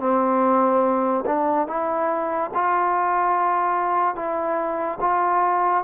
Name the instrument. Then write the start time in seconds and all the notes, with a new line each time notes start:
trombone
0.00 C4
1.26 D4
1.67 E4
2.55 F4
4.16 E4
5.01 F4